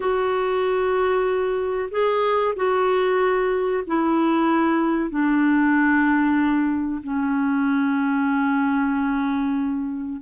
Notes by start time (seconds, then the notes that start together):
0.00 F#4
1.90 G#4
2.56 F#4
3.86 E4
5.10 D4
7.03 C#4